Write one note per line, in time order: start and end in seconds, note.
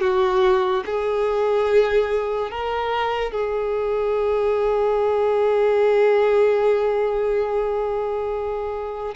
0.00 0.83 F#4
0.85 2.50 G#4
2.50 3.31 A#4
3.31 9.14 G#4